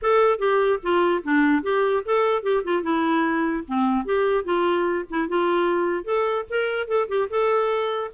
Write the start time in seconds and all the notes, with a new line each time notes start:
0.02 A4
0.38 G4
0.82 F4
1.23 D4
1.63 G4
2.05 A4
2.43 G4
2.64 F4
2.82 E4
3.67 C4
4.05 G4
4.44 F4
5.10 E4
5.28 F4
6.04 A4
6.49 A#4
6.87 A4
7.08 G4
7.30 A4